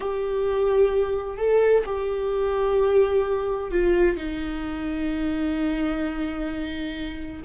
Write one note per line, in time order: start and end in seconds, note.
0.00 1.37 G4
1.37 1.84 A4
1.85 3.71 G4
3.71 4.16 F4
4.16 7.42 D#4